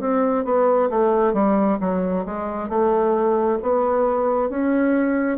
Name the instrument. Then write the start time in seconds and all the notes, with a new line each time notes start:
bassoon
0.00 C4
0.45 B3
0.90 A3
1.34 G3
1.80 F#3
2.26 G#3
2.69 A3
3.62 B3
4.50 C#4